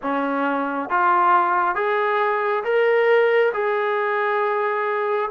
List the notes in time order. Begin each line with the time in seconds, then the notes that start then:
0.02 C#4
0.89 F4
1.75 G#4
2.64 A#4
3.53 G#4